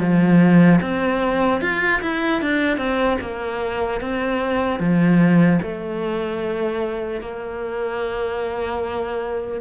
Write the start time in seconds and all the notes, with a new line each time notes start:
0.00 F3
0.81 C4
1.61 F4
2.01 E4
2.41 D4
2.77 C4
3.21 A#3
4.01 C4
4.80 F3
5.62 A3
7.21 A#3